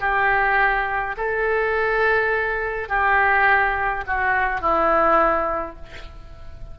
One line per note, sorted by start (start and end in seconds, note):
0.00 1.15 G4
1.17 2.88 A4
2.88 4.04 G4
4.06 4.60 F#4
4.60 5.76 E4